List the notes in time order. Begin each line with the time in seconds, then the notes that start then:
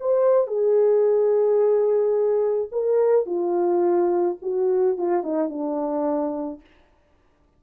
0.00 C5
0.47 G#4
2.72 A#4
3.26 F4
4.42 F#4
4.98 F4
5.23 D#4
5.49 D4